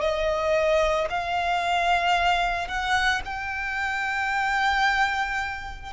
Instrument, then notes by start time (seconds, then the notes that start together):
violin
0.00 D#5
1.10 F5
2.67 F#5
3.24 G5